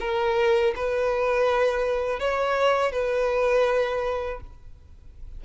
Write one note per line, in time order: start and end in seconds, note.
0.00 0.74 A#4
0.76 2.20 B4
2.20 2.92 C#5
2.92 4.40 B4